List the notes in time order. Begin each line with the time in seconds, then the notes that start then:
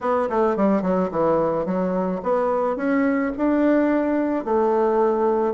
0.01 B3
0.29 A3
0.56 G3
0.82 F#3
1.11 E3
1.65 F#3
2.22 B3
2.76 C#4
3.37 D4
4.44 A3